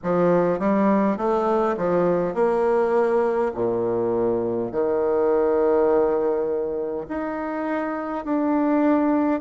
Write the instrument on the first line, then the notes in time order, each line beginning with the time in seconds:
bassoon
0.03 F3
0.59 G3
1.17 A3
1.76 F3
2.34 A#3
3.54 A#2
4.71 D#3
7.08 D#4
8.25 D4